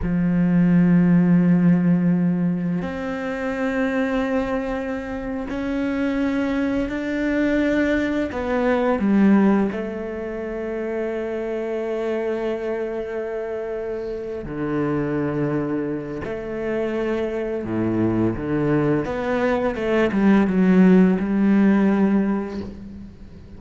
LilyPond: \new Staff \with { instrumentName = "cello" } { \time 4/4 \tempo 4 = 85 f1 | c'2.~ c'8. cis'16~ | cis'4.~ cis'16 d'2 b16~ | b8. g4 a2~ a16~ |
a1~ | a8 d2~ d8 a4~ | a4 a,4 d4 b4 | a8 g8 fis4 g2 | }